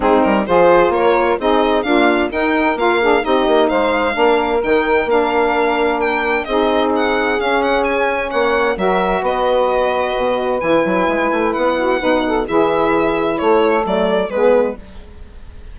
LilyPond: <<
  \new Staff \with { instrumentName = "violin" } { \time 4/4 \tempo 4 = 130 gis'8 ais'8 c''4 cis''4 dis''4 | f''4 g''4 f''4 dis''4 | f''2 g''4 f''4~ | f''4 g''4 dis''4 fis''4 |
f''8 fis''8 gis''4 fis''4 e''4 | dis''2. gis''4~ | gis''4 fis''2 e''4~ | e''4 cis''4 d''4 b'4 | }
  \new Staff \with { instrumentName = "saxophone" } { \time 4/4 dis'4 gis'4 ais'4 gis'4 | f'4 ais'4. gis'8 g'4 | c''4 ais'2.~ | ais'2 gis'2~ |
gis'2 cis''4 ais'4 | b'1~ | b'4. fis'8 b'8 a'8 gis'4~ | gis'4 a'2 gis'4 | }
  \new Staff \with { instrumentName = "saxophone" } { \time 4/4 c'4 f'2 dis'4 | ais4 dis'4 f'8 d'8 dis'4~ | dis'4 d'4 dis'4 d'4~ | d'2 dis'2 |
cis'2. fis'4~ | fis'2. e'4~ | e'2 dis'4 e'4~ | e'2 a4 b4 | }
  \new Staff \with { instrumentName = "bassoon" } { \time 4/4 gis8 g8 f4 ais4 c'4 | d'4 dis'4 ais4 c'8 ais8 | gis4 ais4 dis4 ais4~ | ais2 c'2 |
cis'2 ais4 fis4 | b2 b,4 e8 fis8 | gis8 a8 b4 b,4 e4~ | e4 a4 fis4 gis4 | }
>>